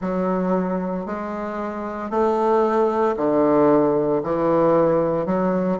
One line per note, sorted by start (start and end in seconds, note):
0.01 1.06 F#3
1.06 2.10 G#3
2.10 3.15 A3
3.16 4.22 D3
4.23 5.25 E3
5.25 5.78 F#3